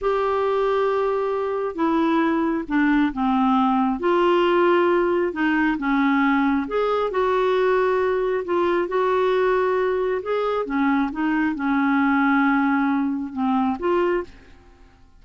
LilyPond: \new Staff \with { instrumentName = "clarinet" } { \time 4/4 \tempo 4 = 135 g'1 | e'2 d'4 c'4~ | c'4 f'2. | dis'4 cis'2 gis'4 |
fis'2. f'4 | fis'2. gis'4 | cis'4 dis'4 cis'2~ | cis'2 c'4 f'4 | }